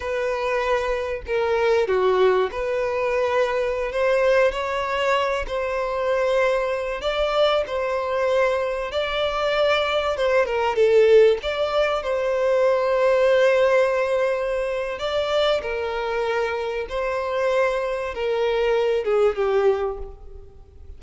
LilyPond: \new Staff \with { instrumentName = "violin" } { \time 4/4 \tempo 4 = 96 b'2 ais'4 fis'4 | b'2~ b'16 c''4 cis''8.~ | cis''8. c''2~ c''8 d''8.~ | d''16 c''2 d''4.~ d''16~ |
d''16 c''8 ais'8 a'4 d''4 c''8.~ | c''1 | d''4 ais'2 c''4~ | c''4 ais'4. gis'8 g'4 | }